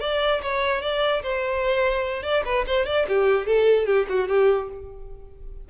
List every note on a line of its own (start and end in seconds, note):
0.00 0.41 D5
0.42 0.81 C#5
0.81 1.22 D5
1.22 2.23 C5
2.23 2.43 D5
2.45 2.65 B4
2.66 2.86 C5
2.86 3.06 D5
3.08 3.46 G4
3.46 3.86 A4
3.86 4.06 G4
4.09 4.28 F#4
4.28 4.69 G4